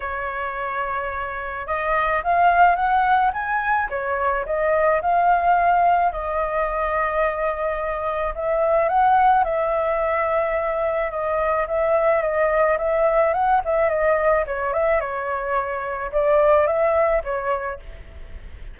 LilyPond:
\new Staff \with { instrumentName = "flute" } { \time 4/4 \tempo 4 = 108 cis''2. dis''4 | f''4 fis''4 gis''4 cis''4 | dis''4 f''2 dis''4~ | dis''2. e''4 |
fis''4 e''2. | dis''4 e''4 dis''4 e''4 | fis''8 e''8 dis''4 cis''8 e''8 cis''4~ | cis''4 d''4 e''4 cis''4 | }